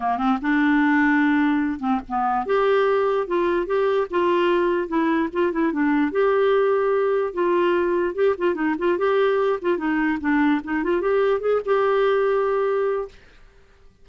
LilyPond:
\new Staff \with { instrumentName = "clarinet" } { \time 4/4 \tempo 4 = 147 ais8 c'8 d'2.~ | d'8 c'8 b4 g'2 | f'4 g'4 f'2 | e'4 f'8 e'8 d'4 g'4~ |
g'2 f'2 | g'8 f'8 dis'8 f'8 g'4. f'8 | dis'4 d'4 dis'8 f'8 g'4 | gis'8 g'2.~ g'8 | }